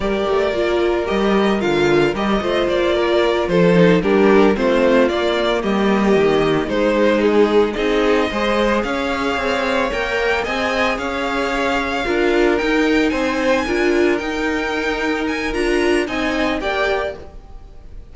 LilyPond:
<<
  \new Staff \with { instrumentName = "violin" } { \time 4/4 \tempo 4 = 112 d''2 dis''4 f''4 | dis''4 d''4. c''4 ais'8~ | ais'8 c''4 d''4 dis''4.~ | dis''8 c''4 gis'4 dis''4.~ |
dis''8 f''2 g''4 gis''8~ | gis''8 f''2. g''8~ | g''8 gis''2 g''4.~ | g''8 gis''8 ais''4 gis''4 g''4 | }
  \new Staff \with { instrumentName = "violin" } { \time 4/4 ais'1~ | ais'8 c''4 ais'4 a'4 g'8~ | g'8 f'2 g'4.~ | g'8 dis'2 gis'4 c''8~ |
c''8 cis''2. dis''8~ | dis''8 cis''2 ais'4.~ | ais'8 c''4 ais'2~ ais'8~ | ais'2 dis''4 d''4 | }
  \new Staff \with { instrumentName = "viola" } { \time 4/4 g'4 f'4 g'4 f'4 | g'8 f'2~ f'8 dis'8 d'8~ | d'8 c'4 ais2~ ais8~ | ais8 gis2 dis'4 gis'8~ |
gis'2~ gis'8 ais'4 gis'8~ | gis'2~ gis'8 f'4 dis'8~ | dis'4. f'4 dis'4.~ | dis'4 f'4 dis'4 g'4 | }
  \new Staff \with { instrumentName = "cello" } { \time 4/4 g8 a8 ais4 g4 d4 | g8 a8 ais4. f4 g8~ | g8 a4 ais4 g4 dis8~ | dis8 gis2 c'4 gis8~ |
gis8 cis'4 c'4 ais4 c'8~ | c'8 cis'2 d'4 dis'8~ | dis'8 c'4 d'4 dis'4.~ | dis'4 d'4 c'4 ais4 | }
>>